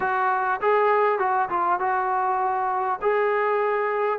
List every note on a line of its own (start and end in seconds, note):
0.00 0.60 F#4
0.61 1.18 G#4
1.18 1.48 F#4
1.49 1.79 F4
1.79 2.99 F#4
3.01 4.19 G#4